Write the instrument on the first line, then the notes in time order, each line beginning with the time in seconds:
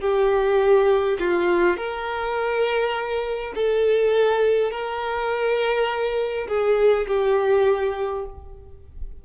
violin
0.00 G4
1.19 F4
1.77 A#4
3.55 A4
4.71 A#4
6.48 G#4
7.07 G4